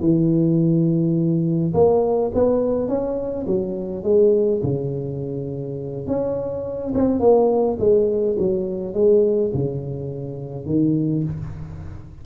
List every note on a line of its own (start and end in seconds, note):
0.00 1.73 E3
1.74 2.31 A#3
2.34 2.88 B3
2.88 3.46 C#4
3.46 4.03 F#3
4.03 4.61 G#3
4.63 6.07 C#3
6.07 6.93 C#4
6.94 7.19 C4
7.19 7.77 A#3
7.79 8.37 G#3
8.38 8.93 F#3
8.93 9.51 G#3
9.53 10.65 C#3
10.65 11.23 D#3